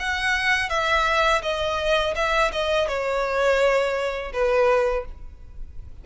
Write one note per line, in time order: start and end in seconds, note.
0.00 0.70 F#5
0.70 1.42 E5
1.43 2.15 D#5
2.16 2.52 E5
2.52 2.88 D#5
2.88 4.33 C#5
4.33 5.05 B4